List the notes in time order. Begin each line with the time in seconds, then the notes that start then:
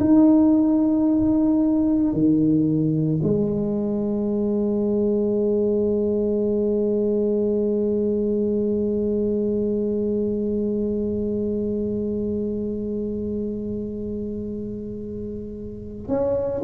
0.00 D#4
2.13 D#3
3.23 G#3
16.08 C#4